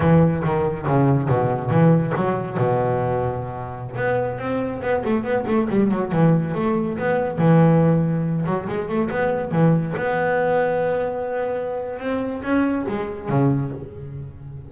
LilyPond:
\new Staff \with { instrumentName = "double bass" } { \time 4/4 \tempo 4 = 140 e4 dis4 cis4 b,4 | e4 fis4 b,2~ | b,4~ b,16 b4 c'4 b8 a16~ | a16 b8 a8 g8 fis8 e4 a8.~ |
a16 b4 e2~ e8 fis16~ | fis16 gis8 a8 b4 e4 b8.~ | b1 | c'4 cis'4 gis4 cis4 | }